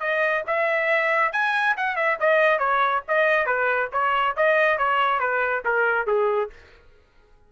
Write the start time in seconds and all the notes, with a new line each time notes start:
0.00 D#5
0.47 E5
1.32 G#5
1.77 F#5
1.96 E5
2.20 D#5
2.59 C#5
3.08 D#5
3.46 B4
3.92 C#5
4.37 D#5
4.78 C#5
5.19 B4
5.65 A#4
6.07 G#4